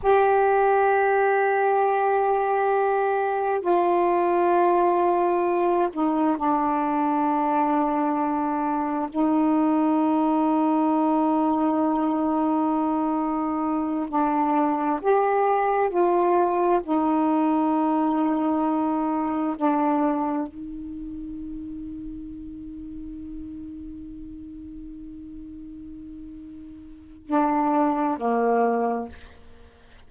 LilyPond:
\new Staff \with { instrumentName = "saxophone" } { \time 4/4 \tempo 4 = 66 g'1 | f'2~ f'8 dis'8 d'4~ | d'2 dis'2~ | dis'2.~ dis'8 d'8~ |
d'8 g'4 f'4 dis'4.~ | dis'4. d'4 dis'4.~ | dis'1~ | dis'2 d'4 ais4 | }